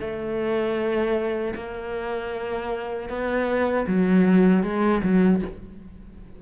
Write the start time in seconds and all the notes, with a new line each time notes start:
0.00 A3
1.55 A#3
3.09 B3
3.87 F#3
4.63 G#3
5.03 F#3